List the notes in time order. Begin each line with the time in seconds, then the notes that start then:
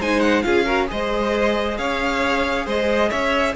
0.00 G#3 D#4 C5 G#5
0.20 F#5
0.43 C#4 F4 G#4 F5
0.65 F#4 A#4
0.88 G#3 G#4 C5 D#5
1.78 C#4 C#5 F5
2.66 G#3 C5 D#5
3.10 C#4 C#5 E5